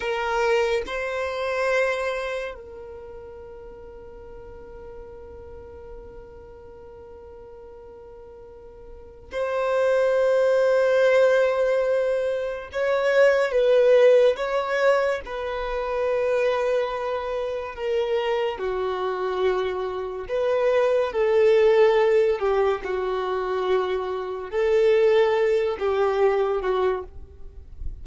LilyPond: \new Staff \with { instrumentName = "violin" } { \time 4/4 \tempo 4 = 71 ais'4 c''2 ais'4~ | ais'1~ | ais'2. c''4~ | c''2. cis''4 |
b'4 cis''4 b'2~ | b'4 ais'4 fis'2 | b'4 a'4. g'8 fis'4~ | fis'4 a'4. g'4 fis'8 | }